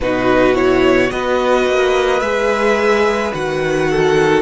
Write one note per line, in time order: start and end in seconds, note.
0.00 1.11 B2
0.00 0.54 D#4
0.00 1.12 F#4
0.00 0.55 B4
0.54 1.09 E4
0.54 1.10 C#5
1.10 1.66 B3
1.10 2.21 F#4
1.10 3.90 B4
1.10 2.20 D#5
1.66 2.20 A#3
2.20 3.31 G#3
2.20 3.33 G#4
2.20 3.31 E5
3.34 4.42 D#3
3.34 4.42 F#4
3.34 4.42 F#5
3.90 4.42 A4